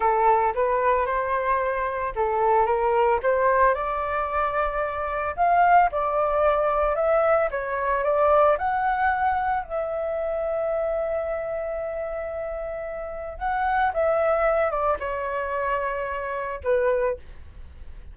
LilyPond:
\new Staff \with { instrumentName = "flute" } { \time 4/4 \tempo 4 = 112 a'4 b'4 c''2 | a'4 ais'4 c''4 d''4~ | d''2 f''4 d''4~ | d''4 e''4 cis''4 d''4 |
fis''2 e''2~ | e''1~ | e''4 fis''4 e''4. d''8 | cis''2. b'4 | }